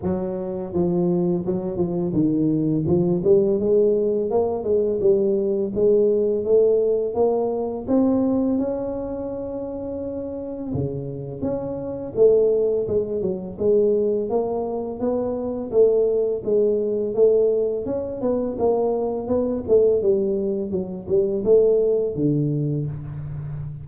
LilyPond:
\new Staff \with { instrumentName = "tuba" } { \time 4/4 \tempo 4 = 84 fis4 f4 fis8 f8 dis4 | f8 g8 gis4 ais8 gis8 g4 | gis4 a4 ais4 c'4 | cis'2. cis4 |
cis'4 a4 gis8 fis8 gis4 | ais4 b4 a4 gis4 | a4 cis'8 b8 ais4 b8 a8 | g4 fis8 g8 a4 d4 | }